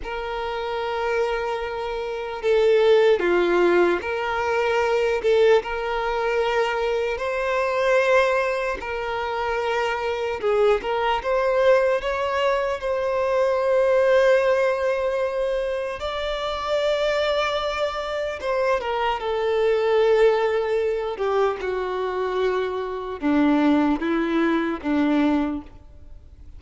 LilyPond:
\new Staff \with { instrumentName = "violin" } { \time 4/4 \tempo 4 = 75 ais'2. a'4 | f'4 ais'4. a'8 ais'4~ | ais'4 c''2 ais'4~ | ais'4 gis'8 ais'8 c''4 cis''4 |
c''1 | d''2. c''8 ais'8 | a'2~ a'8 g'8 fis'4~ | fis'4 d'4 e'4 d'4 | }